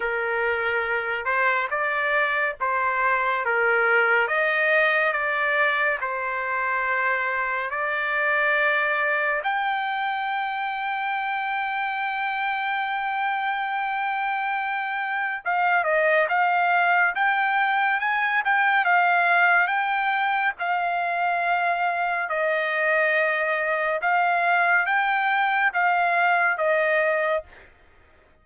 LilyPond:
\new Staff \with { instrumentName = "trumpet" } { \time 4/4 \tempo 4 = 70 ais'4. c''8 d''4 c''4 | ais'4 dis''4 d''4 c''4~ | c''4 d''2 g''4~ | g''1~ |
g''2 f''8 dis''8 f''4 | g''4 gis''8 g''8 f''4 g''4 | f''2 dis''2 | f''4 g''4 f''4 dis''4 | }